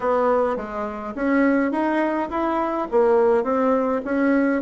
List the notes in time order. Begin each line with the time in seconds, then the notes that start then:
0.00 B3
0.56 G#3
1.15 C#4
1.71 D#4
2.29 E4
2.91 A#3
3.43 C4
4.05 C#4